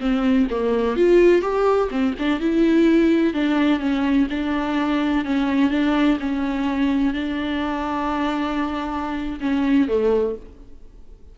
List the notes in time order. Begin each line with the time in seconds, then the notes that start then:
0.00 C4
0.50 A#3
0.97 F4
1.42 G4
1.91 C4
2.19 D4
2.40 E4
3.34 D4
3.80 C#4
4.30 D4
5.25 C#4
5.71 D4
6.20 C#4
7.14 D4
9.41 C#4
9.88 A3